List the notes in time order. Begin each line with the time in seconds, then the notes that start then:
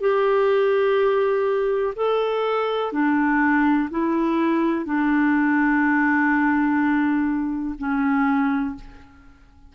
0.00 G4
1.95 A4
2.92 D4
3.90 E4
4.85 D4
7.78 C#4